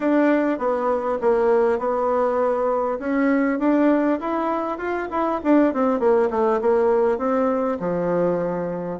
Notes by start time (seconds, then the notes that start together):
0.00 D4
0.58 B3
1.21 A#3
1.78 B3
2.99 C#4
3.59 D4
4.19 E4
4.78 F4
5.11 E4
5.43 D4
5.73 C4
5.99 A#3
6.30 A3
6.61 A#3
7.18 C4
7.79 F3